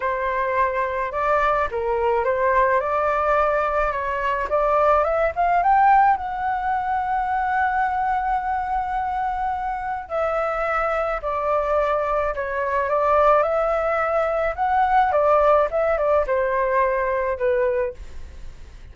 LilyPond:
\new Staff \with { instrumentName = "flute" } { \time 4/4 \tempo 4 = 107 c''2 d''4 ais'4 | c''4 d''2 cis''4 | d''4 e''8 f''8 g''4 fis''4~ | fis''1~ |
fis''2 e''2 | d''2 cis''4 d''4 | e''2 fis''4 d''4 | e''8 d''8 c''2 b'4 | }